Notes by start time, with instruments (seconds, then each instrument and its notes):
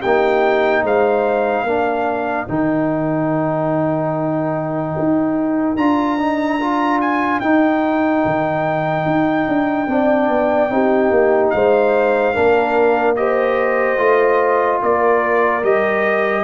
0.00 tuba A#3, trombone D#4, horn G4, trumpet G5
0.83 tuba G#3, horn C5, trumpet F5
1.64 tuba A#3, trombone D4, horn A#4
2.48 tuba D#3, trombone D#4, trumpet G5
4.99 tuba D#4
5.76 tuba D4, trombone F4, trumpet A#5
6.19 trombone D#4
6.61 trombone F4
7.01 trumpet G#5
7.40 tuba D#4, trombone D#4, trumpet G5
8.25 tuba D#3
9.06 tuba D#4
9.48 tuba D4
9.88 tuba C4, trombone D4, horn D5
10.29 tuba B3
10.70 tuba C4, trombone D#4, horn G4
11.11 tuba A#3
11.50 tuba G#3, horn C5, trumpet F5
12.34 tuba A#3, trombone D4, horn A#4
13.16 trombone G4, horn C5, trumpet D#5
13.98 tuba A3, trombone F4
14.83 tuba A#3, horn A#4, trumpet D5
15.63 tuba G3, trombone G4, trumpet D#5